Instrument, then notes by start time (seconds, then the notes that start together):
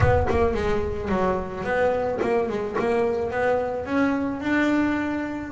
double bass
0.00 B3
0.29 A#3
0.54 G#3
1.09 F#3
1.64 B3
2.21 A#3
2.48 G#3
2.78 A#3
3.31 B3
3.85 C#4
4.41 D4